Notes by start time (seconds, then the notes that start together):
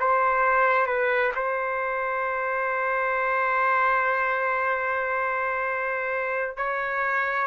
0.00 C5
0.87 B4
1.36 C5
6.57 C#5